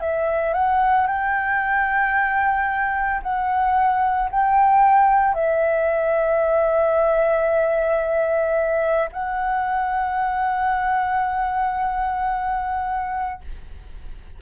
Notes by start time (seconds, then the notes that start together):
0.00 E5
0.53 F#5
1.07 G5
3.22 F#5
4.30 G5
5.34 E5
9.12 F#5